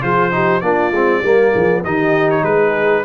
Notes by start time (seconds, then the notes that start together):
0.00 F3 F4 G#4 C5
0.31 D#4 G4
0.60 A#3 D4 F4 D5
0.91 G#3 C4
1.22 G3 A#3 A#4
1.52 F3 G#4
1.84 D#3 D#4 G4 D#5
2.30 C#5
2.42 G#3 G#4 B4